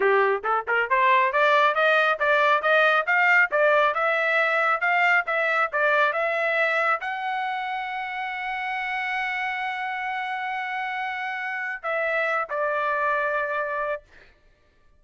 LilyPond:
\new Staff \with { instrumentName = "trumpet" } { \time 4/4 \tempo 4 = 137 g'4 a'8 ais'8 c''4 d''4 | dis''4 d''4 dis''4 f''4 | d''4 e''2 f''4 | e''4 d''4 e''2 |
fis''1~ | fis''1~ | fis''2. e''4~ | e''8 d''2.~ d''8 | }